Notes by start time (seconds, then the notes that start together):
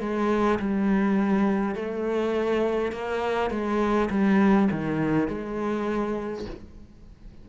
0.00 G#3
0.59 G3
1.75 A3
2.92 A#3
3.50 G#3
4.10 G3
4.71 D#3
5.28 G#3